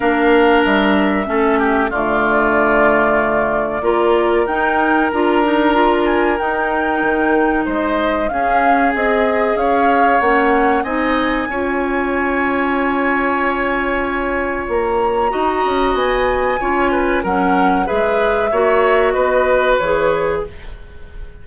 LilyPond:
<<
  \new Staff \with { instrumentName = "flute" } { \time 4/4 \tempo 4 = 94 f''4 e''2 d''4~ | d''2. g''4 | ais''4. gis''8 g''2 | dis''4 f''4 dis''4 f''4 |
fis''4 gis''2.~ | gis''2. ais''4~ | ais''4 gis''2 fis''4 | e''2 dis''4 cis''4 | }
  \new Staff \with { instrumentName = "oboe" } { \time 4/4 ais'2 a'8 g'8 f'4~ | f'2 ais'2~ | ais'1 | c''4 gis'2 cis''4~ |
cis''4 dis''4 cis''2~ | cis''1 | dis''2 cis''8 b'8 ais'4 | b'4 cis''4 b'2 | }
  \new Staff \with { instrumentName = "clarinet" } { \time 4/4 d'2 cis'4 a4~ | a2 f'4 dis'4 | f'8 dis'8 f'4 dis'2~ | dis'4 cis'4 gis'2 |
cis'4 dis'4 f'2~ | f'1 | fis'2 f'4 cis'4 | gis'4 fis'2 gis'4 | }
  \new Staff \with { instrumentName = "bassoon" } { \time 4/4 ais4 g4 a4 d4~ | d2 ais4 dis'4 | d'2 dis'4 dis4 | gis4 cis'4 c'4 cis'4 |
ais4 c'4 cis'2~ | cis'2. ais4 | dis'8 cis'8 b4 cis'4 fis4 | gis4 ais4 b4 e4 | }
>>